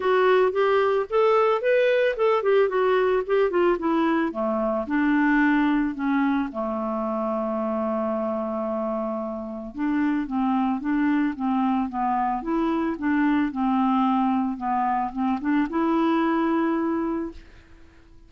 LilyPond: \new Staff \with { instrumentName = "clarinet" } { \time 4/4 \tempo 4 = 111 fis'4 g'4 a'4 b'4 | a'8 g'8 fis'4 g'8 f'8 e'4 | a4 d'2 cis'4 | a1~ |
a2 d'4 c'4 | d'4 c'4 b4 e'4 | d'4 c'2 b4 | c'8 d'8 e'2. | }